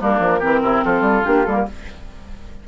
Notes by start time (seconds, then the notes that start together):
0.00 G3 A#3 D4 A#4
0.20 F3
0.39 E3 C4 G4
0.62 C3 E4
0.84 F3 F4 A4
1.01 G3
1.24 A#3 D4 G4
1.45 G3 A#3 A4
1.55 A#4